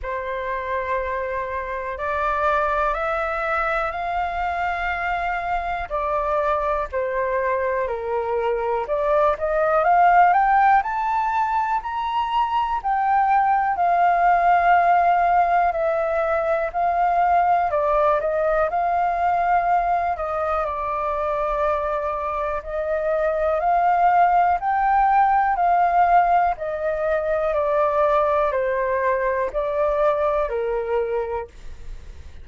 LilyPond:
\new Staff \with { instrumentName = "flute" } { \time 4/4 \tempo 4 = 61 c''2 d''4 e''4 | f''2 d''4 c''4 | ais'4 d''8 dis''8 f''8 g''8 a''4 | ais''4 g''4 f''2 |
e''4 f''4 d''8 dis''8 f''4~ | f''8 dis''8 d''2 dis''4 | f''4 g''4 f''4 dis''4 | d''4 c''4 d''4 ais'4 | }